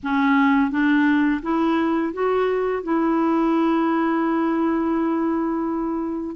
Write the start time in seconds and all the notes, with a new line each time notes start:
0.03 C#4
0.70 D4
1.42 E4
2.13 F#4
2.83 E4